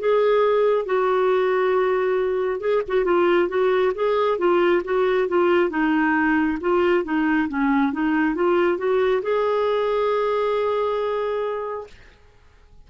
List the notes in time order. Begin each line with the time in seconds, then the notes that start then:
0.00 G#4
0.85 F#4
2.60 G#4
2.88 F#4
3.05 F4
3.49 F#4
3.95 G#4
4.38 F4
4.84 F#4
5.28 F4
5.70 D#4
6.61 F4
7.04 D#4
7.49 C#4
7.93 D#4
8.35 F4
8.78 F#4
9.22 G#4